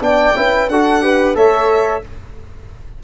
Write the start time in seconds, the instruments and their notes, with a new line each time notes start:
0.00 tuba B3, trombone D4, flute D5, violin G5
0.35 tuba C#4, trombone E4, flute B4
0.68 tuba D4, trombone F#4, flute A4, violin F#5
1.02 trombone G4, flute B4
1.35 tuba A3, trombone A4, flute C#5, violin E5